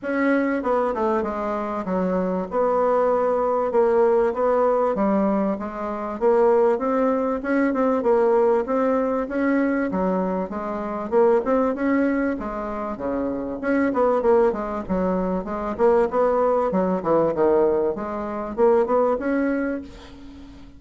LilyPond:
\new Staff \with { instrumentName = "bassoon" } { \time 4/4 \tempo 4 = 97 cis'4 b8 a8 gis4 fis4 | b2 ais4 b4 | g4 gis4 ais4 c'4 | cis'8 c'8 ais4 c'4 cis'4 |
fis4 gis4 ais8 c'8 cis'4 | gis4 cis4 cis'8 b8 ais8 gis8 | fis4 gis8 ais8 b4 fis8 e8 | dis4 gis4 ais8 b8 cis'4 | }